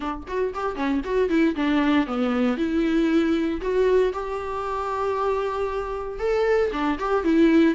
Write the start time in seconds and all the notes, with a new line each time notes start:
0.00 D4
0.27 F#4
0.53 G4
0.75 C#4
1.04 F#4
1.29 E4
1.55 D4
2.06 B3
2.57 E4
3.61 F#4
4.13 G4
6.19 A4
6.72 D4
6.99 G4
7.24 E4